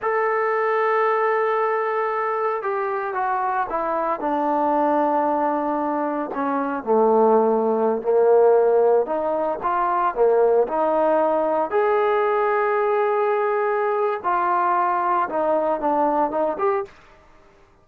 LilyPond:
\new Staff \with { instrumentName = "trombone" } { \time 4/4 \tempo 4 = 114 a'1~ | a'4 g'4 fis'4 e'4 | d'1 | cis'4 a2~ a16 ais8.~ |
ais4~ ais16 dis'4 f'4 ais8.~ | ais16 dis'2 gis'4.~ gis'16~ | gis'2. f'4~ | f'4 dis'4 d'4 dis'8 g'8 | }